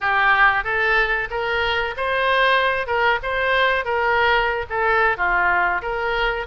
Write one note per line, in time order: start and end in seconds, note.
0.00 0.63 G4
0.63 1.28 A4
1.30 1.94 A#4
1.96 2.87 C5
2.87 3.19 A#4
3.23 3.84 C5
3.84 4.65 A#4
4.69 5.17 A4
5.17 5.81 F4
5.82 6.46 A#4